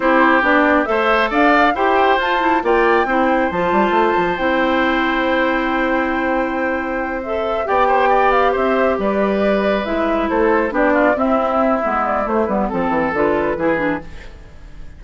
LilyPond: <<
  \new Staff \with { instrumentName = "flute" } { \time 4/4 \tempo 4 = 137 c''4 d''4 e''4 f''4 | g''4 a''4 g''2 | a''2 g''2~ | g''1~ |
g''8 e''4 g''4. f''8 e''8~ | e''8 d''2 e''4 c''8~ | c''8 d''4 e''2 d''8 | c''8 b'8 a'4 b'2 | }
  \new Staff \with { instrumentName = "oboe" } { \time 4/4 g'2 c''4 d''4 | c''2 d''4 c''4~ | c''1~ | c''1~ |
c''4. d''8 c''8 d''4 c''8~ | c''8 b'2. a'8~ | a'8 g'8 f'8 e'2~ e'8~ | e'4 a'2 gis'4 | }
  \new Staff \with { instrumentName = "clarinet" } { \time 4/4 e'4 d'4 a'2 | g'4 f'8 e'8 f'4 e'4 | f'2 e'2~ | e'1~ |
e'8 a'4 g'2~ g'8~ | g'2~ g'8 e'4.~ | e'8 d'4 c'4. b4 | a8 b8 c'4 f'4 e'8 d'8 | }
  \new Staff \with { instrumentName = "bassoon" } { \time 4/4 c'4 b4 a4 d'4 | e'4 f'4 ais4 c'4 | f8 g8 a8 f8 c'2~ | c'1~ |
c'4. b2 c'8~ | c'8 g2 gis4 a8~ | a8 b4 c'4. gis4 | a8 g8 f8 e8 d4 e4 | }
>>